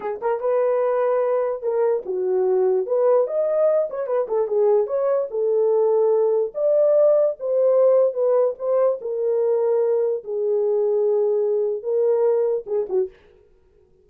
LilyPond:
\new Staff \with { instrumentName = "horn" } { \time 4/4 \tempo 4 = 147 gis'8 ais'8 b'2. | ais'4 fis'2 b'4 | dis''4. cis''8 b'8 a'8 gis'4 | cis''4 a'2. |
d''2 c''2 | b'4 c''4 ais'2~ | ais'4 gis'2.~ | gis'4 ais'2 gis'8 fis'8 | }